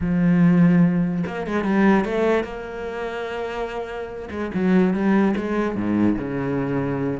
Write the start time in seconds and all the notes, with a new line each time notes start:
0.00 F3
1.26 A#3
1.46 G#3
1.64 G3
2.04 A3
2.44 A#3
4.30 G#3
4.54 F#3
4.93 G3
5.36 G#3
5.75 G#2
6.18 C#3